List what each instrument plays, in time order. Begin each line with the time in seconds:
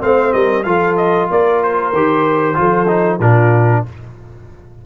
0.00 tuba A3, trombone C4, horn C5, trumpet F5
0.33 tuba G3, horn A#4, trumpet D#5
0.63 tuba F3, trombone F4, horn A4, trumpet F5
0.97 trumpet D#5
1.30 tuba A#3, horn A#4, trumpet D5
1.63 trumpet C5
1.93 tuba D#3, trombone G4
2.55 tuba F3, trombone F4, horn A4
2.88 trombone D#4
3.20 tuba A#2, trombone D4, horn F4, trumpet A#4